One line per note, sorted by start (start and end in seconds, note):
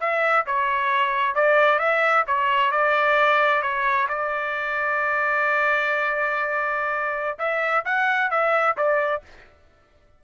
0.00 0.45 E5
0.46 1.35 C#5
1.35 1.79 D5
1.79 2.24 E5
2.27 2.71 C#5
2.71 3.62 D5
3.62 4.07 C#5
4.09 7.38 D5
7.39 7.84 E5
7.85 8.30 F#5
8.30 8.76 E5
8.77 9.22 D5